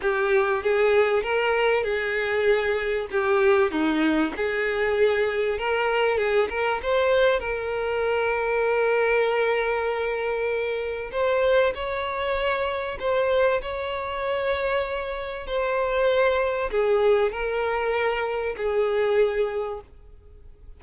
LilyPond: \new Staff \with { instrumentName = "violin" } { \time 4/4 \tempo 4 = 97 g'4 gis'4 ais'4 gis'4~ | gis'4 g'4 dis'4 gis'4~ | gis'4 ais'4 gis'8 ais'8 c''4 | ais'1~ |
ais'2 c''4 cis''4~ | cis''4 c''4 cis''2~ | cis''4 c''2 gis'4 | ais'2 gis'2 | }